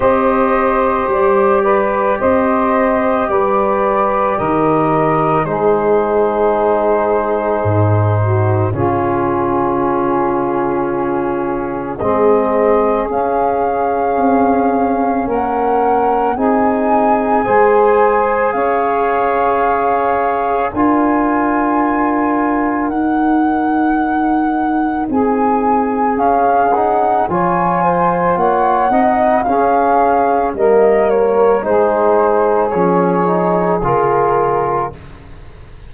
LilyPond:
<<
  \new Staff \with { instrumentName = "flute" } { \time 4/4 \tempo 4 = 55 dis''4 d''4 dis''4 d''4 | dis''4 c''2. | gis'2. dis''4 | f''2 fis''4 gis''4~ |
gis''4 f''2 gis''4~ | gis''4 fis''2 gis''4 | f''8 fis''8 gis''4 fis''4 f''4 | dis''8 cis''8 c''4 cis''4 ais'4 | }
  \new Staff \with { instrumentName = "saxophone" } { \time 4/4 c''4. b'8 c''4 b'4 | ais'4 gis'2~ gis'8 fis'8 | f'2. gis'4~ | gis'2 ais'4 gis'4 |
c''4 cis''2 ais'4~ | ais'2. gis'4~ | gis'4 cis''8 c''8 cis''8 dis''8 gis'4 | ais'4 gis'2. | }
  \new Staff \with { instrumentName = "trombone" } { \time 4/4 g'1~ | g'4 dis'2. | cis'2. c'4 | cis'2. dis'4 |
gis'2. f'4~ | f'4 dis'2. | cis'8 dis'8 f'4. dis'8 cis'4 | ais4 dis'4 cis'8 dis'8 f'4 | }
  \new Staff \with { instrumentName = "tuba" } { \time 4/4 c'4 g4 c'4 g4 | dis4 gis2 gis,4 | cis2. gis4 | cis'4 c'4 ais4 c'4 |
gis4 cis'2 d'4~ | d'4 dis'2 c'4 | cis'4 f4 ais8 c'8 cis'4 | g4 gis4 f4 cis4 | }
>>